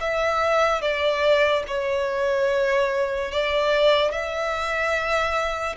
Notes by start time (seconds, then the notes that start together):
0.00 E5
0.81 D5
1.67 C#5
3.31 D5
4.11 E5